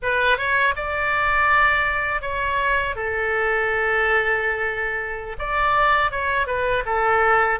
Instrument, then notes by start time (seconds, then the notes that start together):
oboe
0.02 B4
0.37 C#5
0.76 D5
2.21 C#5
2.95 A4
5.39 D5
6.11 C#5
6.46 B4
6.85 A4